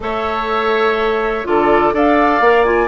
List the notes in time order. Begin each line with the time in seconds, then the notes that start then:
0.00 A3 A4 C#5 E5
1.44 D3 F4 A4 D5
1.92 D4 A4 D5 F5
2.40 A#3 A#4
2.64 F4 G#5